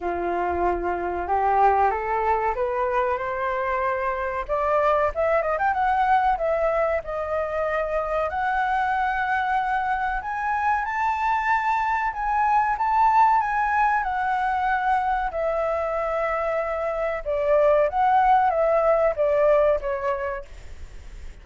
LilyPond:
\new Staff \with { instrumentName = "flute" } { \time 4/4 \tempo 4 = 94 f'2 g'4 a'4 | b'4 c''2 d''4 | e''8 dis''16 g''16 fis''4 e''4 dis''4~ | dis''4 fis''2. |
gis''4 a''2 gis''4 | a''4 gis''4 fis''2 | e''2. d''4 | fis''4 e''4 d''4 cis''4 | }